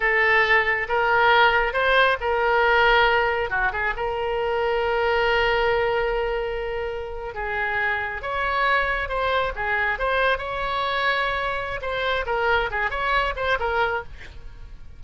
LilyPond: \new Staff \with { instrumentName = "oboe" } { \time 4/4 \tempo 4 = 137 a'2 ais'2 | c''4 ais'2. | fis'8 gis'8 ais'2.~ | ais'1~ |
ais'8. gis'2 cis''4~ cis''16~ | cis''8. c''4 gis'4 c''4 cis''16~ | cis''2. c''4 | ais'4 gis'8 cis''4 c''8 ais'4 | }